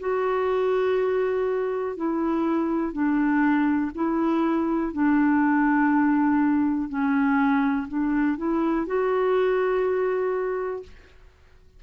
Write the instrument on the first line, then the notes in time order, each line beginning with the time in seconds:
clarinet
0.00 F#4
1.96 E4
2.93 D4
3.95 E4
4.93 D4
6.89 C#4
7.88 D4
8.37 E4
8.86 F#4